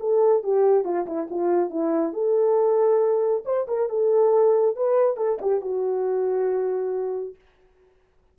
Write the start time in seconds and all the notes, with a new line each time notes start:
0.00 A4
0.43 G4
0.85 F4
1.06 E4
1.30 F4
1.70 E4
2.13 A4
3.45 C5
3.68 A#4
3.89 A4
4.76 B4
5.17 A4
5.42 G4
5.61 F#4